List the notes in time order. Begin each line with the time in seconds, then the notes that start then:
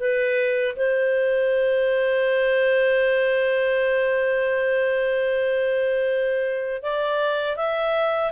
0.00 B4
0.76 C5
6.83 D5
7.57 E5